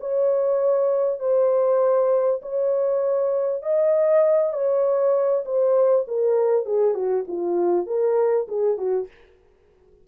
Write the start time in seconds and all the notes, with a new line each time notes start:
0.00 C#5
1.20 C5
2.42 C#5
3.63 D#5
4.53 C#5
5.45 C5
6.08 A#4
6.66 G#4
6.94 F#4
7.28 F4
7.87 A#4
8.48 G#4
8.78 F#4